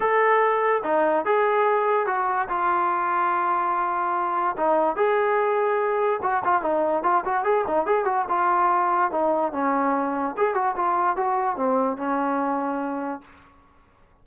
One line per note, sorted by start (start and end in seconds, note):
0.00 0.82 A4
0.83 1.25 D#4
1.25 2.06 G#4
2.06 2.47 F#4
2.48 4.55 F4
4.56 4.95 D#4
4.95 6.20 G#4
6.22 6.43 F#4
6.44 6.62 F4
6.62 7.03 D#4
7.03 7.24 F4
7.24 7.44 F#4
7.44 7.64 G#4
7.67 7.86 D#4
7.86 8.05 G#4
8.05 8.25 F#4
8.28 9.11 F4
9.11 9.52 D#4
9.52 10.35 C#4
10.37 10.54 G#4
10.54 10.75 F#4
10.75 11.16 F4
11.16 11.56 F#4
11.56 11.97 C4
11.97 13.21 C#4